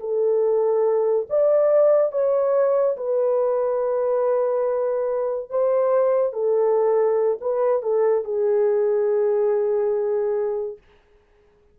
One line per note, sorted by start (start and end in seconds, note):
0.00 1.27 A4
1.30 2.12 D5
2.12 2.97 C#5
2.97 5.50 B4
5.50 6.33 C5
6.33 7.38 A4
7.41 7.82 B4
7.82 8.24 A4
8.24 10.78 G#4